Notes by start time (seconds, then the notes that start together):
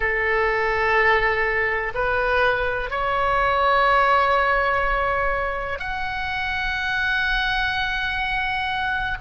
0.00 A4
1.94 B4
2.90 C#5
5.79 F#5